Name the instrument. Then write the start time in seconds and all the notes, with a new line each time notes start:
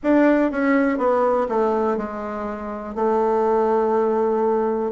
bassoon
0.03 D4
0.51 C#4
0.98 B3
1.48 A3
1.97 G#3
2.95 A3